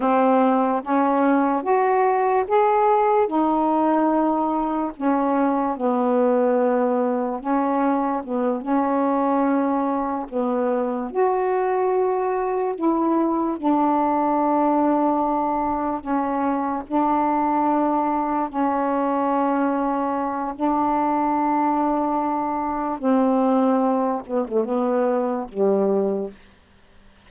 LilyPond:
\new Staff \with { instrumentName = "saxophone" } { \time 4/4 \tempo 4 = 73 c'4 cis'4 fis'4 gis'4 | dis'2 cis'4 b4~ | b4 cis'4 b8 cis'4.~ | cis'8 b4 fis'2 e'8~ |
e'8 d'2. cis'8~ | cis'8 d'2 cis'4.~ | cis'4 d'2. | c'4. b16 a16 b4 g4 | }